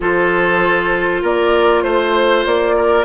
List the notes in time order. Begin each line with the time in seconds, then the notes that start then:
0.00 F3 F4 A4 C5
1.22 A#3 A#4 D5
1.82 A3 C5
2.46 A#3 D5
2.76 A#4